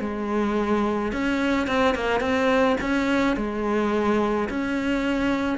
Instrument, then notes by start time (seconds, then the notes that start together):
cello
0.00 G#3
1.12 C#4
1.67 C4
1.94 A#3
2.20 C4
2.81 C#4
3.36 G#3
4.49 C#4